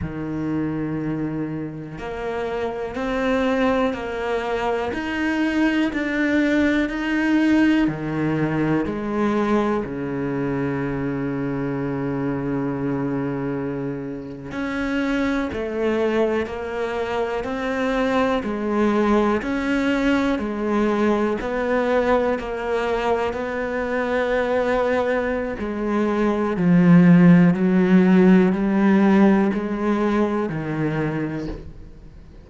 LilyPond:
\new Staff \with { instrumentName = "cello" } { \time 4/4 \tempo 4 = 61 dis2 ais4 c'4 | ais4 dis'4 d'4 dis'4 | dis4 gis4 cis2~ | cis2~ cis8. cis'4 a16~ |
a8. ais4 c'4 gis4 cis'16~ | cis'8. gis4 b4 ais4 b16~ | b2 gis4 f4 | fis4 g4 gis4 dis4 | }